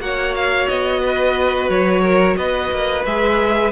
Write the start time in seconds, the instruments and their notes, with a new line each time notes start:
0.00 cello A#3, viola F#4, violin C#5 F#5
0.36 violin F5
0.68 cello B3, violin D#5
1.01 violin B4
1.70 cello F#3, violin C#5
2.03 violin A#4
2.37 cello B3, violin B4 D#5
2.72 cello A#3
3.05 cello G#3, viola G#4, violin E5